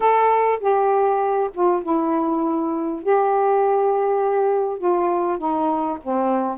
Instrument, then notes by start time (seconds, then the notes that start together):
saxophone
0.00 A4
0.60 G4
1.54 F4
1.82 E4
3.02 G4
4.78 F4
5.38 D#4
6.03 C4